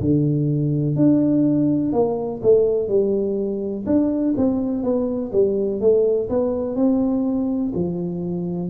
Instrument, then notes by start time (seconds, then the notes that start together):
tuba
0.00 D3
0.96 D4
1.93 A#3
2.43 A3
2.88 G3
3.86 D4
4.37 C4
4.83 B3
5.32 G3
5.81 A3
6.29 B3
6.76 C4
7.75 F3